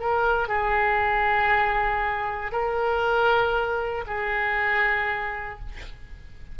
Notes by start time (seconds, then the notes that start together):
0.00 A#4
0.49 G#4
2.52 A#4
4.07 G#4